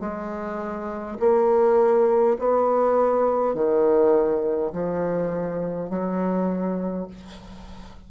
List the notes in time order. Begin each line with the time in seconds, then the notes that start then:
0.00 G#3
1.19 A#3
2.39 B3
3.54 D#3
4.72 F3
5.89 F#3